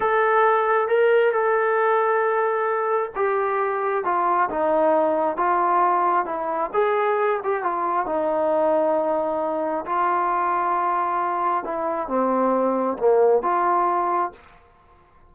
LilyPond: \new Staff \with { instrumentName = "trombone" } { \time 4/4 \tempo 4 = 134 a'2 ais'4 a'4~ | a'2. g'4~ | g'4 f'4 dis'2 | f'2 e'4 gis'4~ |
gis'8 g'8 f'4 dis'2~ | dis'2 f'2~ | f'2 e'4 c'4~ | c'4 ais4 f'2 | }